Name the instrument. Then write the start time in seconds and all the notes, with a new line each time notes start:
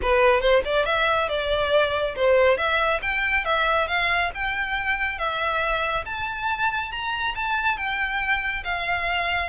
violin
0.02 B4
0.40 C5
0.64 D5
0.85 E5
1.29 D5
2.15 C5
2.57 E5
3.02 G5
3.44 E5
3.87 F5
4.34 G5
5.18 E5
6.05 A5
6.91 A#5
7.35 A5
7.77 G5
8.64 F5